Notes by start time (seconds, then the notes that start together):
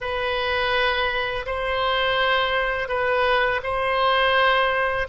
0.00 B4
1.46 C5
2.88 B4
3.63 C5